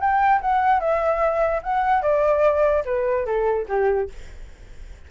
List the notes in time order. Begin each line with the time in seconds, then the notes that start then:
0.00 G5
0.41 F#5
0.80 E5
1.63 F#5
2.02 D5
2.85 B4
3.26 A4
3.69 G4